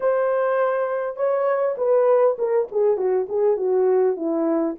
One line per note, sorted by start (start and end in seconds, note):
0.00 1.16 C5
1.16 1.75 C#5
1.77 2.37 B4
2.38 2.68 A#4
2.71 2.97 G#4
2.97 3.26 F#4
3.29 3.56 G#4
3.56 4.16 F#4
4.16 4.75 E4